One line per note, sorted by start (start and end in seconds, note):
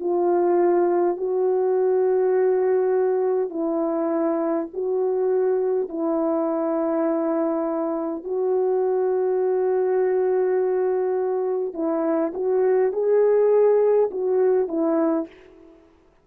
0.00 1.17 F4
1.17 3.49 F#4
3.49 4.67 E4
4.73 5.89 F#4
5.89 8.24 E4
8.24 11.73 F#4
11.73 12.32 E4
12.34 12.92 F#4
12.92 14.10 G#4
14.11 14.68 F#4
14.68 15.27 E4